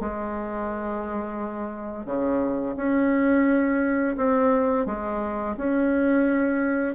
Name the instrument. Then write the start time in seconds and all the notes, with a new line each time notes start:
bassoon
0.00 G#3
2.05 C#3
2.76 C#4
4.17 C4
4.86 G#3
5.57 C#4